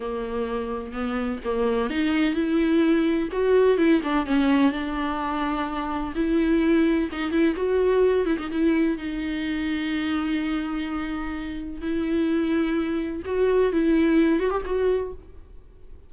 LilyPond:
\new Staff \with { instrumentName = "viola" } { \time 4/4 \tempo 4 = 127 ais2 b4 ais4 | dis'4 e'2 fis'4 | e'8 d'8 cis'4 d'2~ | d'4 e'2 dis'8 e'8 |
fis'4. e'16 dis'16 e'4 dis'4~ | dis'1~ | dis'4 e'2. | fis'4 e'4. fis'16 g'16 fis'4 | }